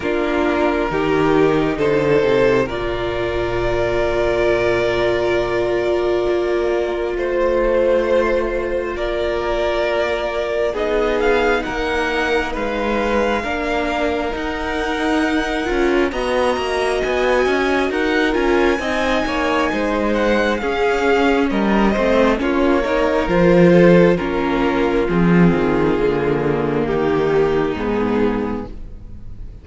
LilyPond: <<
  \new Staff \with { instrumentName = "violin" } { \time 4/4 \tempo 4 = 67 ais'2 c''4 d''4~ | d''1 | c''2 d''2 | dis''8 f''8 fis''4 f''2 |
fis''2 ais''4 gis''4 | fis''8 gis''2 fis''8 f''4 | dis''4 cis''4 c''4 ais'4 | gis'2 g'4 gis'4 | }
  \new Staff \with { instrumentName = "violin" } { \time 4/4 f'4 g'4 a'4 ais'4~ | ais'1 | c''2 ais'2 | gis'4 ais'4 b'4 ais'4~ |
ais'2 dis''2 | ais'4 dis''8 cis''8 c''4 gis'4 | ais'8 c''8 f'8 ais'4 a'8 f'4~ | f'2 dis'2 | }
  \new Staff \with { instrumentName = "viola" } { \time 4/4 d'4 dis'2 f'4~ | f'1~ | f'1 | dis'2. d'4 |
dis'4. f'8 fis'2~ | fis'8 f'8 dis'2 cis'4~ | cis'8 c'8 cis'8 dis'8 f'4 cis'4 | c'4 ais2 b4 | }
  \new Staff \with { instrumentName = "cello" } { \time 4/4 ais4 dis4 d8 c8 ais,4~ | ais,2. ais4 | a2 ais2 | b4 ais4 gis4 ais4 |
dis'4. cis'8 b8 ais8 b8 cis'8 | dis'8 cis'8 c'8 ais8 gis4 cis'4 | g8 a8 ais4 f4 ais4 | f8 dis8 d4 dis4 gis,4 | }
>>